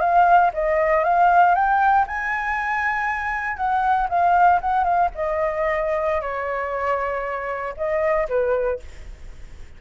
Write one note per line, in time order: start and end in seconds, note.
0.00 0.51 F5
0.54 1.04 D#5
1.04 1.55 F5
1.55 2.06 G5
2.07 3.57 G#5
3.57 4.08 F#5
4.09 4.60 F5
4.61 4.84 F#5
4.84 5.09 F5
5.15 6.21 D#5
6.21 7.74 C#5
7.77 8.28 D#5
8.29 8.80 B4